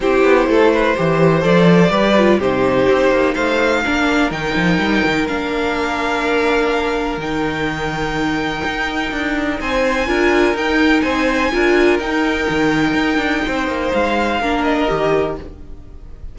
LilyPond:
<<
  \new Staff \with { instrumentName = "violin" } { \time 4/4 \tempo 4 = 125 c''2. d''4~ | d''4 c''2 f''4~ | f''4 g''2 f''4~ | f''2. g''4~ |
g''1 | gis''2 g''4 gis''4~ | gis''4 g''2.~ | g''4 f''4. dis''4. | }
  \new Staff \with { instrumentName = "violin" } { \time 4/4 g'4 a'8 b'8 c''2 | b'4 g'2 c''4 | ais'1~ | ais'1~ |
ais'1 | c''4 ais'2 c''4 | ais'1 | c''2 ais'2 | }
  \new Staff \with { instrumentName = "viola" } { \time 4/4 e'2 g'4 a'4 | g'8 f'8 dis'2. | d'4 dis'2 d'4~ | d'2. dis'4~ |
dis'1~ | dis'4 f'4 dis'2 | f'4 dis'2.~ | dis'2 d'4 g'4 | }
  \new Staff \with { instrumentName = "cello" } { \time 4/4 c'8 b8 a4 e4 f4 | g4 c4 c'8 ais8 a4 | ais4 dis8 f8 g8 dis8 ais4~ | ais2. dis4~ |
dis2 dis'4 d'4 | c'4 d'4 dis'4 c'4 | d'4 dis'4 dis4 dis'8 d'8 | c'8 ais8 gis4 ais4 dis4 | }
>>